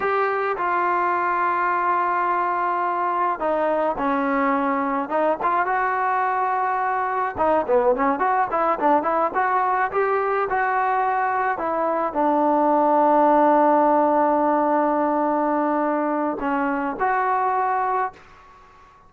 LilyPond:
\new Staff \with { instrumentName = "trombone" } { \time 4/4 \tempo 4 = 106 g'4 f'2.~ | f'2 dis'4 cis'4~ | cis'4 dis'8 f'8 fis'2~ | fis'4 dis'8 b8 cis'8 fis'8 e'8 d'8 |
e'8 fis'4 g'4 fis'4.~ | fis'8 e'4 d'2~ d'8~ | d'1~ | d'4 cis'4 fis'2 | }